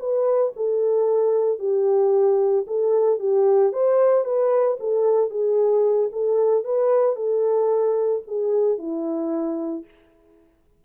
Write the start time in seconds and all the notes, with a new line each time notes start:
0.00 B4
0.57 A4
1.60 G4
2.67 A4
3.20 G4
3.73 C5
4.25 B4
4.80 A4
5.31 G#4
6.13 A4
6.65 B4
7.16 A4
8.28 G#4
8.79 E4